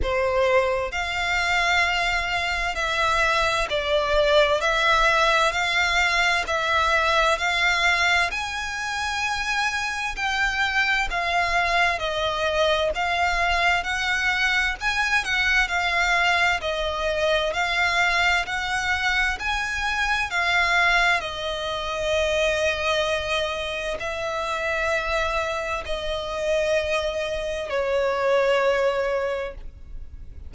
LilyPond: \new Staff \with { instrumentName = "violin" } { \time 4/4 \tempo 4 = 65 c''4 f''2 e''4 | d''4 e''4 f''4 e''4 | f''4 gis''2 g''4 | f''4 dis''4 f''4 fis''4 |
gis''8 fis''8 f''4 dis''4 f''4 | fis''4 gis''4 f''4 dis''4~ | dis''2 e''2 | dis''2 cis''2 | }